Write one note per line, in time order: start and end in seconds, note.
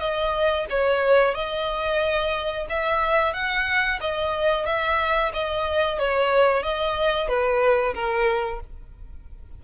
0.00 0.66 D#5
0.70 1.35 C#5
1.35 2.67 D#5
2.70 3.34 E5
3.34 4.00 F#5
4.01 4.66 D#5
4.66 5.32 E5
5.34 5.99 D#5
5.99 6.63 C#5
6.63 7.28 D#5
7.28 7.94 B4
7.95 8.61 A#4